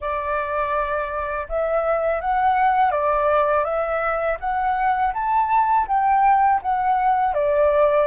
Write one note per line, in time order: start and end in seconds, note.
0.00 1.47 D5
1.48 2.20 E5
2.20 2.91 F#5
2.91 3.64 D5
3.64 4.37 E5
4.40 5.13 F#5
5.13 5.86 A5
5.87 6.61 G5
6.62 7.34 F#5
7.34 8.07 D5